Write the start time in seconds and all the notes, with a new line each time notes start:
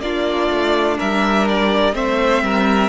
0.00 A#3 D4 F4 D5
0.49 A3
0.97 G3 A#4 E5
1.48 D5
1.93 A3 C4 C5 E5
2.42 G3 A#4